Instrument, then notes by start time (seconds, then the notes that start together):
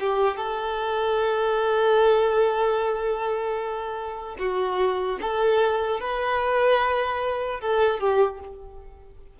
violin
0.00 G4
0.37 A4
4.39 F#4
5.21 A4
6.01 B4
7.61 A4
8.00 G4